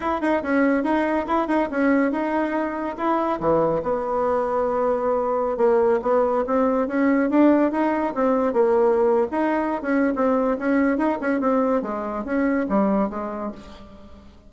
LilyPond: \new Staff \with { instrumentName = "bassoon" } { \time 4/4 \tempo 4 = 142 e'8 dis'8 cis'4 dis'4 e'8 dis'8 | cis'4 dis'2 e'4 | e4 b2.~ | b4~ b16 ais4 b4 c'8.~ |
c'16 cis'4 d'4 dis'4 c'8.~ | c'16 ais4.~ ais16 dis'4~ dis'16 cis'8. | c'4 cis'4 dis'8 cis'8 c'4 | gis4 cis'4 g4 gis4 | }